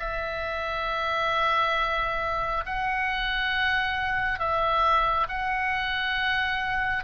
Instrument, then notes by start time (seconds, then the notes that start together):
oboe
0.00 E5
2.66 F#5
4.40 E5
5.29 F#5